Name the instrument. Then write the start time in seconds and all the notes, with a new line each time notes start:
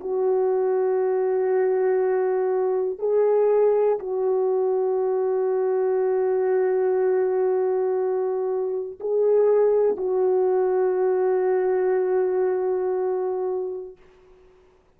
horn
0.00 F#4
2.99 G#4
3.99 F#4
9.00 G#4
9.96 F#4